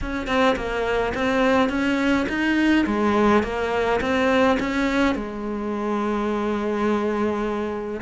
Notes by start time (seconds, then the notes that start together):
0.01 C#4
0.27 C4
0.56 A#3
1.14 C4
1.69 C#4
2.28 D#4
2.86 G#3
3.43 A#3
4.00 C4
4.59 C#4
5.15 G#3